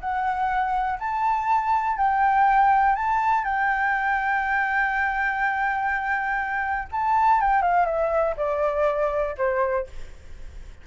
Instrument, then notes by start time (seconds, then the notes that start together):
flute
0.00 F#5
0.99 A5
1.97 G5
2.95 A5
3.44 G5
6.91 A5
7.40 G5
7.61 F5
7.85 E5
8.36 D5
9.37 C5